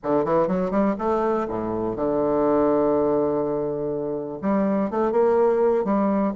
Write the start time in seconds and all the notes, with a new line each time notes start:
0.03 D3
0.24 E3
0.47 F#3
0.70 G3
0.98 A3
1.48 A2
1.95 D3
4.41 G3
4.90 A3
5.11 A#3
5.84 G3